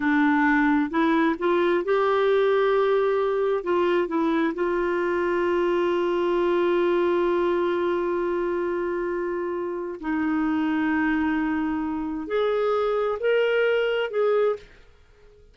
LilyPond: \new Staff \with { instrumentName = "clarinet" } { \time 4/4 \tempo 4 = 132 d'2 e'4 f'4 | g'1 | f'4 e'4 f'2~ | f'1~ |
f'1~ | f'2 dis'2~ | dis'2. gis'4~ | gis'4 ais'2 gis'4 | }